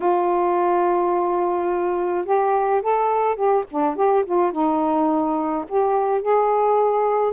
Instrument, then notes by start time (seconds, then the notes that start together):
saxophone
0.00 F4
2.25 G4
2.82 A4
3.36 G4
3.70 D4
3.96 G4
4.25 F4
4.51 D#4
5.68 G4
6.21 G#4